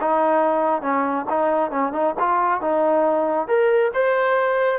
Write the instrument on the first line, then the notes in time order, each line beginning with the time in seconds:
trombone
0.00 D#4
0.81 C#4
1.29 D#4
1.70 C#4
1.92 D#4
2.19 F4
2.61 D#4
3.47 A#4
3.93 C5